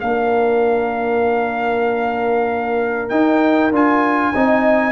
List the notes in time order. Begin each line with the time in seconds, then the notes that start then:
0.00 A#3 D4 A#4 F5
3.09 D#4 G5
3.71 D4 F4 G#5
4.35 C4 D#4 D#5